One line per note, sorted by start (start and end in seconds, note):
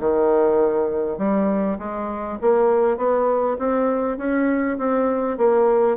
0.00 1.18 D#3
1.18 1.78 G3
1.79 2.39 G#3
2.42 2.98 A#3
2.98 3.58 B3
3.59 4.18 C4
4.18 4.78 C#4
4.79 5.38 C4
5.38 5.98 A#3